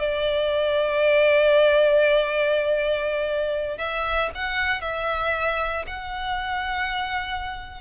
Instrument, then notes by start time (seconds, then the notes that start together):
violin
0.00 D5
3.78 E5
4.35 F#5
4.82 E5
5.87 F#5